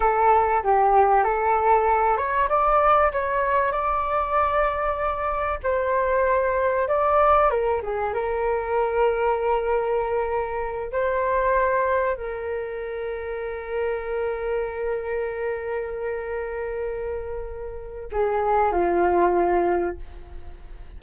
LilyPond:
\new Staff \with { instrumentName = "flute" } { \time 4/4 \tempo 4 = 96 a'4 g'4 a'4. cis''8 | d''4 cis''4 d''2~ | d''4 c''2 d''4 | ais'8 gis'8 ais'2.~ |
ais'4. c''2 ais'8~ | ais'1~ | ais'1~ | ais'4 gis'4 f'2 | }